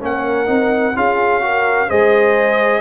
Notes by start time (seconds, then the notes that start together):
0.00 A#3 C#4 A#4 F#5
0.46 C4 D#4
0.96 C#4 F4 G#4 F5
1.41 F#4 A#4
1.88 G#3 G#4 C5 D#5